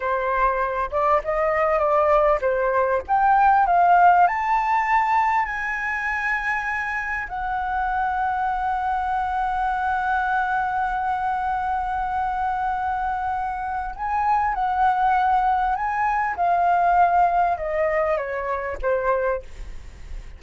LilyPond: \new Staff \with { instrumentName = "flute" } { \time 4/4 \tempo 4 = 99 c''4. d''8 dis''4 d''4 | c''4 g''4 f''4 a''4~ | a''4 gis''2. | fis''1~ |
fis''1~ | fis''2. gis''4 | fis''2 gis''4 f''4~ | f''4 dis''4 cis''4 c''4 | }